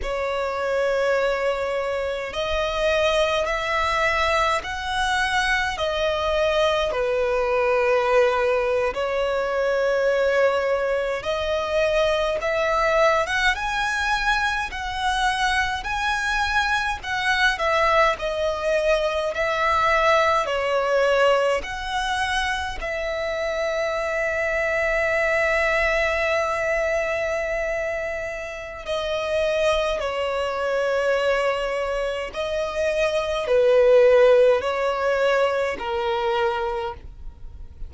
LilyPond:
\new Staff \with { instrumentName = "violin" } { \time 4/4 \tempo 4 = 52 cis''2 dis''4 e''4 | fis''4 dis''4 b'4.~ b'16 cis''16~ | cis''4.~ cis''16 dis''4 e''8. fis''16 gis''16~ | gis''8. fis''4 gis''4 fis''8 e''8 dis''16~ |
dis''8. e''4 cis''4 fis''4 e''16~ | e''1~ | e''4 dis''4 cis''2 | dis''4 b'4 cis''4 ais'4 | }